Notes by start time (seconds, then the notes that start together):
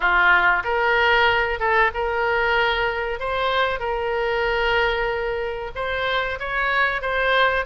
0.00 F4
0.64 A#4
1.59 A4
1.94 A#4
3.19 C5
3.79 A#4
5.75 C5
6.39 C#5
7.01 C5